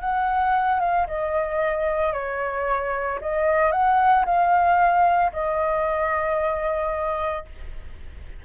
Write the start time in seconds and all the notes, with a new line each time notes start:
0.00 F#5
0.79 F5
1.07 D#5
2.13 C#5
3.21 D#5
3.71 F#5
4.25 F5
5.32 D#5